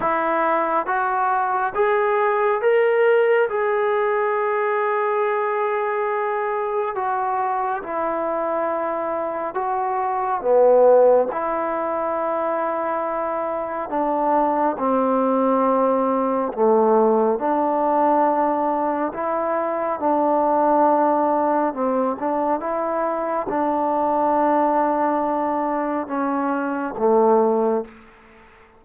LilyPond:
\new Staff \with { instrumentName = "trombone" } { \time 4/4 \tempo 4 = 69 e'4 fis'4 gis'4 ais'4 | gis'1 | fis'4 e'2 fis'4 | b4 e'2. |
d'4 c'2 a4 | d'2 e'4 d'4~ | d'4 c'8 d'8 e'4 d'4~ | d'2 cis'4 a4 | }